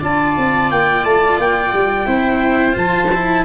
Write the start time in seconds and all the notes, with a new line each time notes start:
0.00 D4 F4 D5 A5
0.37 C4
0.71 A#3 G5
1.05 A3 A5
1.39 A#3 G5
1.74 G3
2.06 C4 E4 C5
2.72 F3 F4 A5
3.15 E4